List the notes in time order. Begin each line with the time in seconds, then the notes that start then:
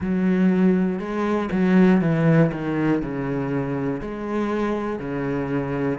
0.00 F#3
0.99 G#3
1.51 F#3
2.00 E3
2.52 D#3
3.02 C#3
4.00 G#3
4.99 C#3